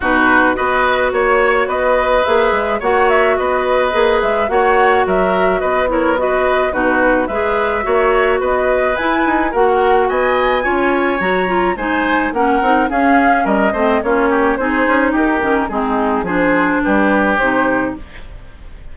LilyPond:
<<
  \new Staff \with { instrumentName = "flute" } { \time 4/4 \tempo 4 = 107 b'4 dis''4 cis''4 dis''4 | e''4 fis''8 e''8 dis''4. e''8 | fis''4 e''4 dis''8 cis''8 dis''4 | b'4 e''2 dis''4 |
gis''4 fis''4 gis''2 | ais''4 gis''4 fis''4 f''4 | dis''4 cis''4 c''4 ais'4 | gis'4 c''4 b'4 c''4 | }
  \new Staff \with { instrumentName = "oboe" } { \time 4/4 fis'4 b'4 cis''4 b'4~ | b'4 cis''4 b'2 | cis''4 ais'4 b'8 ais'8 b'4 | fis'4 b'4 cis''4 b'4~ |
b'4 ais'4 dis''4 cis''4~ | cis''4 c''4 ais'4 gis'4 | ais'8 c''8 f'8 g'8 gis'4 g'4 | dis'4 gis'4 g'2 | }
  \new Staff \with { instrumentName = "clarinet" } { \time 4/4 dis'4 fis'2. | gis'4 fis'2 gis'4 | fis'2~ fis'8 e'8 fis'4 | dis'4 gis'4 fis'2 |
e'4 fis'2 f'4 | fis'8 f'8 dis'4 cis'8 dis'8 cis'4~ | cis'8 c'8 cis'4 dis'4. cis'8 | c'4 d'2 dis'4 | }
  \new Staff \with { instrumentName = "bassoon" } { \time 4/4 b,4 b4 ais4 b4 | ais8 gis8 ais4 b4 ais8 gis8 | ais4 fis4 b2 | b,4 gis4 ais4 b4 |
e'8 dis'8 ais4 b4 cis'4 | fis4 gis4 ais8 c'8 cis'4 | g8 a8 ais4 c'8 cis'8 dis'8 dis8 | gis4 f4 g4 c4 | }
>>